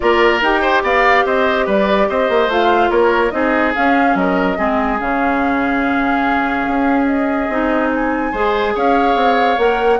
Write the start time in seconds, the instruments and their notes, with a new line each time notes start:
0.00 bassoon A#3, clarinet F4, oboe A#4, flute D5
0.41 bassoon D#4, clarinet G4, flute G5
0.61 oboe C5
0.82 bassoon B3, oboe D5, flute F5
1.25 bassoon C4, oboe C5, flute D#5
1.65 bassoon G3, oboe B4, flute D5
2.09 bassoon C4, oboe C5, flute D#5
2.29 bassoon A#3
2.48 bassoon A3, clarinet F4, flute F5
2.90 bassoon A#3, oboe A#4, flute C#5
3.30 bassoon C4, clarinet D#4, oboe G#4, flute D#5
3.75 clarinet C#4, bassoon C#4, flute F5
4.14 bassoon F#3, oboe A#4, flute D#5
4.56 bassoon G#3, clarinet C4, oboe G#4
4.99 bassoon C#3, clarinet C#4, flute F5
6.67 bassoon C#4
7.06 flute D#5
7.48 bassoon C4, clarinet D#4
7.94 flute G#5
8.31 bassoon G#3, clarinet G#4, oboe C5
8.74 bassoon C#4, oboe C#5, flute F5
9.15 bassoon C4
9.57 bassoon A#3, clarinet A#4, flute F#5